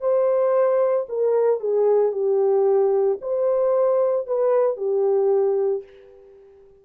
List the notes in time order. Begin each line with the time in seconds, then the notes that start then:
0.00 C5
1.09 A#4
1.60 G#4
2.12 G4
3.21 C5
4.27 B4
4.77 G4